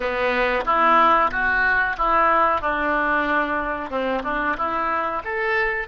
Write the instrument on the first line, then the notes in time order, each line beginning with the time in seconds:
oboe
0.00 B3
0.65 E4
1.31 F#4
1.97 E4
2.61 D4
3.90 C4
4.24 D4
4.57 E4
5.24 A4